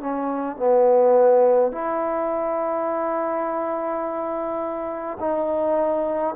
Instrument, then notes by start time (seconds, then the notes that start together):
trombone
0.00 C#4
0.57 B3
1.72 E4
5.20 D#4